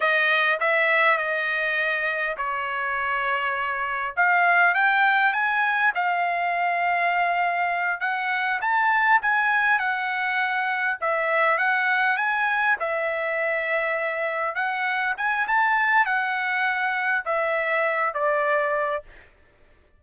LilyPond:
\new Staff \with { instrumentName = "trumpet" } { \time 4/4 \tempo 4 = 101 dis''4 e''4 dis''2 | cis''2. f''4 | g''4 gis''4 f''2~ | f''4. fis''4 a''4 gis''8~ |
gis''8 fis''2 e''4 fis''8~ | fis''8 gis''4 e''2~ e''8~ | e''8 fis''4 gis''8 a''4 fis''4~ | fis''4 e''4. d''4. | }